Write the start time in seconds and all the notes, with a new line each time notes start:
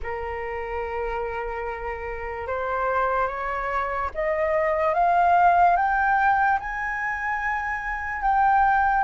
0.03 A#4
2.47 C5
3.27 C#5
4.14 D#5
4.94 F5
5.76 G5
6.59 G#5
8.22 G5